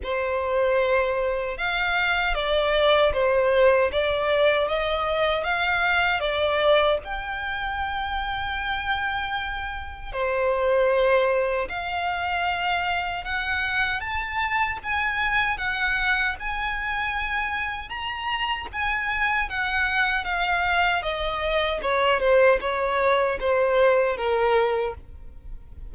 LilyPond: \new Staff \with { instrumentName = "violin" } { \time 4/4 \tempo 4 = 77 c''2 f''4 d''4 | c''4 d''4 dis''4 f''4 | d''4 g''2.~ | g''4 c''2 f''4~ |
f''4 fis''4 a''4 gis''4 | fis''4 gis''2 ais''4 | gis''4 fis''4 f''4 dis''4 | cis''8 c''8 cis''4 c''4 ais'4 | }